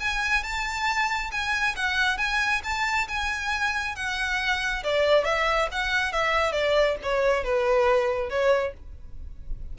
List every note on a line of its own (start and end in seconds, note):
0.00 0.43 G#5
0.43 1.31 A5
1.32 1.75 G#5
1.76 2.18 F#5
2.18 2.62 G#5
2.64 3.08 A5
3.08 3.96 G#5
3.96 4.83 F#5
4.84 5.25 D5
5.25 5.68 E5
5.72 6.13 F#5
6.13 6.52 E5
6.52 6.96 D5
7.03 7.44 C#5
7.44 8.30 B4
8.30 8.73 C#5